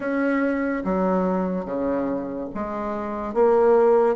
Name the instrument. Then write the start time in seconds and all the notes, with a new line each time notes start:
bassoon
0.00 C#4
0.84 F#3
1.65 C#3
2.54 G#3
3.34 A#3